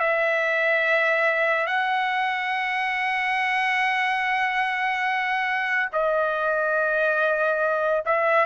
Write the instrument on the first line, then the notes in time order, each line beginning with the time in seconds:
trumpet
0.00 E5
1.67 F#5
5.93 D#5
8.06 E5